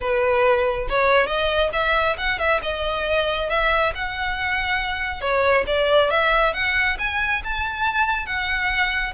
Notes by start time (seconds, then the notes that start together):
0.00 B4
0.89 C#5
1.26 D#5
1.73 E5
2.17 F#5
2.38 E5
2.62 D#5
3.49 E5
3.94 F#5
5.21 C#5
5.67 D5
6.10 E5
6.53 F#5
6.98 G#5
7.43 A5
8.26 F#5